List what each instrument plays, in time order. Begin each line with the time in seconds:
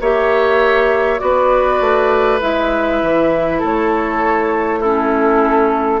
0.00 bassoon A#3, clarinet G4, oboe C#5, flute E5
1.18 bassoon B3, clarinet F#4, oboe B4, flute D5
1.80 bassoon A3
2.41 bassoon G#3, clarinet E4, flute E5
3.02 bassoon E3
3.59 bassoon A3, oboe A4, flute C#5
4.79 clarinet C#4, oboe E4, flute A4